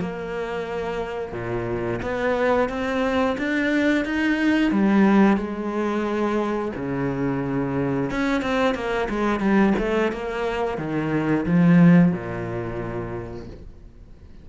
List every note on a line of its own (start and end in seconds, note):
0.00 1.32 A#3
1.32 2.00 A#2
2.02 2.69 B3
2.69 3.36 C4
3.37 4.04 D4
4.04 4.71 D#4
4.71 5.37 G3
5.37 6.71 G#3
6.75 8.10 C#3
8.10 8.41 C#4
8.41 8.74 C4
8.74 9.08 A#3
9.09 9.39 G#3
9.39 9.73 G3
9.78 10.12 A3
10.12 10.77 A#3
10.77 11.45 D#3
11.45 12.12 F3
12.12 13.47 A#2